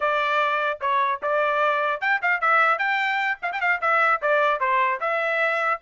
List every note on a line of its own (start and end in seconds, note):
0.00 0.79 D5
0.81 1.21 C#5
1.22 2.00 D5
2.00 2.20 G5
2.22 2.40 F5
2.40 2.78 E5
2.78 3.38 G5
3.42 3.52 F5
3.52 3.60 G5
3.60 3.80 F5
3.81 4.21 E5
4.21 4.60 D5
4.60 5.00 C5
5.00 5.80 E5